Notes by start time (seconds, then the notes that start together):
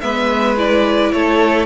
0.00 G#3 B3 B4 E5
0.56 E4 D5
1.12 A3 A4 C#5